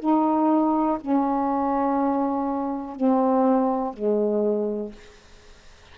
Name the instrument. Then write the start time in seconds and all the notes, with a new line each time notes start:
saxophone
0.00 D#4
1.01 C#4
2.96 C4
3.94 G#3